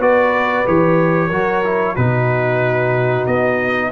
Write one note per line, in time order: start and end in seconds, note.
0.00 0.65 B3
0.00 0.66 F#4
0.00 1.28 B4
0.00 0.67 D5
0.66 1.31 E3
0.66 1.31 G4
0.66 1.96 C#5
1.28 1.96 F#3
1.28 1.64 F#4
1.28 1.94 A#4
1.64 1.97 E4
1.94 3.27 B2
1.94 3.92 D#4
1.94 3.90 F#4
1.94 3.26 B4
3.27 3.92 B3
3.27 3.92 D#5